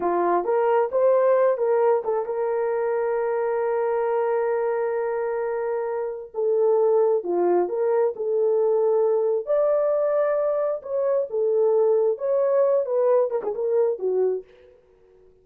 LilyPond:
\new Staff \with { instrumentName = "horn" } { \time 4/4 \tempo 4 = 133 f'4 ais'4 c''4. ais'8~ | ais'8 a'8 ais'2.~ | ais'1~ | ais'2 a'2 |
f'4 ais'4 a'2~ | a'4 d''2. | cis''4 a'2 cis''4~ | cis''8 b'4 ais'16 gis'16 ais'4 fis'4 | }